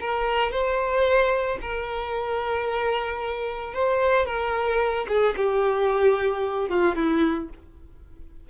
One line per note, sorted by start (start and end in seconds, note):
0.00 0.51 A#4
0.51 1.58 C5
1.61 3.74 A#4
3.74 4.26 C5
4.26 5.06 A#4
5.08 5.35 G#4
5.36 6.69 G4
6.69 6.95 F4
6.95 7.49 E4